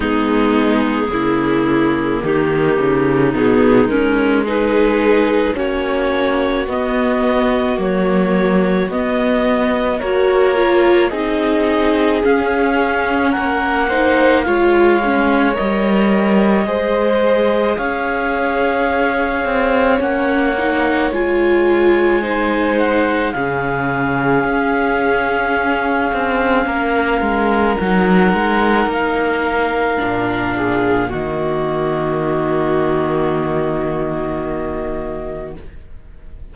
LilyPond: <<
  \new Staff \with { instrumentName = "clarinet" } { \time 4/4 \tempo 4 = 54 gis'2 g'4 gis'8 ais'8 | b'4 cis''4 dis''4 cis''4 | dis''4 cis''4 dis''4 f''4 | fis''4 f''4 dis''2 |
f''2 fis''4 gis''4~ | gis''8 fis''8 f''2.~ | f''4 fis''4 f''2 | dis''1 | }
  \new Staff \with { instrumentName = "violin" } { \time 4/4 dis'4 e'4 dis'2 | gis'4 fis'2.~ | fis'4 ais'4 gis'2 | ais'8 c''8 cis''2 c''4 |
cis''1 | c''4 gis'2. | ais'2.~ ais'8 gis'8 | fis'1 | }
  \new Staff \with { instrumentName = "viola" } { \time 4/4 b4 ais2 b8 cis'8 | dis'4 cis'4 b4 ais4 | b4 fis'8 f'8 dis'4 cis'4~ | cis'8 dis'8 f'8 cis'8 ais'4 gis'4~ |
gis'2 cis'8 dis'8 f'4 | dis'4 cis'2.~ | cis'4 dis'2 d'4 | ais1 | }
  \new Staff \with { instrumentName = "cello" } { \time 4/4 gis4 cis4 dis8 cis8 b,8 gis8~ | gis4 ais4 b4 fis4 | b4 ais4 c'4 cis'4 | ais4 gis4 g4 gis4 |
cis'4. c'8 ais4 gis4~ | gis4 cis4 cis'4. c'8 | ais8 gis8 fis8 gis8 ais4 ais,4 | dis1 | }
>>